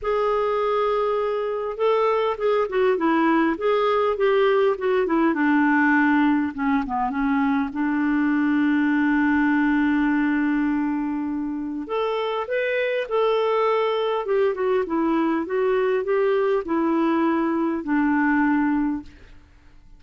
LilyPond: \new Staff \with { instrumentName = "clarinet" } { \time 4/4 \tempo 4 = 101 gis'2. a'4 | gis'8 fis'8 e'4 gis'4 g'4 | fis'8 e'8 d'2 cis'8 b8 | cis'4 d'2.~ |
d'1 | a'4 b'4 a'2 | g'8 fis'8 e'4 fis'4 g'4 | e'2 d'2 | }